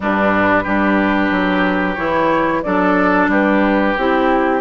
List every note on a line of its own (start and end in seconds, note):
0.00 0.66 G2
0.00 0.65 G3
0.00 0.63 D4
0.00 1.94 B4
0.63 1.30 G3
0.63 1.97 D4
0.63 2.61 G4
1.30 1.96 F#3
1.94 2.63 E3
1.94 2.63 E4
1.94 2.60 C#5
2.62 3.27 F#3
2.62 3.96 D4
2.62 3.30 A4
2.62 3.28 D5
3.27 3.93 G3
3.27 4.61 G4
3.27 3.97 B4
3.97 4.61 C4
3.97 4.61 E4
3.97 4.61 G4